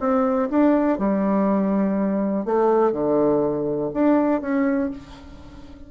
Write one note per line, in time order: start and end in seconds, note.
0.00 0.49 C4
0.50 0.98 D4
0.98 2.45 G3
2.45 2.92 A3
2.92 3.91 D3
3.93 4.41 D4
4.41 4.90 C#4